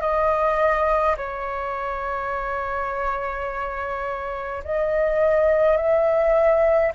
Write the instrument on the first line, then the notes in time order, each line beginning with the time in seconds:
flute
0.00 D#5
1.17 C#5
4.64 D#5
5.77 E5